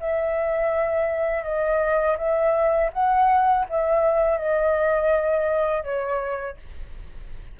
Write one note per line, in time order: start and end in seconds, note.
0.00 1.44 E5
1.44 2.17 D#5
2.18 2.91 E5
2.93 3.66 F#5
3.69 4.38 E5
4.38 5.84 D#5
5.84 6.57 C#5